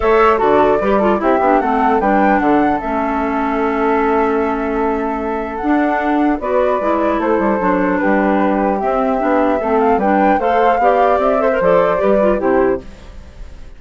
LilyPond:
<<
  \new Staff \with { instrumentName = "flute" } { \time 4/4 \tempo 4 = 150 e''4 d''2 e''4 | fis''4 g''4 fis''4 e''4~ | e''1~ | e''2 fis''2 |
d''2 c''2 | b'2 e''2~ | e''8 f''8 g''4 f''2 | e''4 d''2 c''4 | }
  \new Staff \with { instrumentName = "flute" } { \time 4/4 cis''4 a'4 b'8 a'8 g'4 | a'4 b'4 a'2~ | a'1~ | a'1 |
b'2 a'2 | g'1 | a'4 b'4 c''4 d''4~ | d''8 c''4. b'4 g'4 | }
  \new Staff \with { instrumentName = "clarinet" } { \time 4/4 a'4 fis'4 g'8 f'8 e'8 d'8 | c'4 d'2 cis'4~ | cis'1~ | cis'2 d'2 |
fis'4 e'2 d'4~ | d'2 c'4 d'4 | c'4 d'4 a'4 g'4~ | g'8 a'16 ais'16 a'4 g'8 f'8 e'4 | }
  \new Staff \with { instrumentName = "bassoon" } { \time 4/4 a4 d4 g4 c'8 b8 | a4 g4 d4 a4~ | a1~ | a2 d'2 |
b4 gis4 a8 g8 fis4 | g2 c'4 b4 | a4 g4 a4 b4 | c'4 f4 g4 c4 | }
>>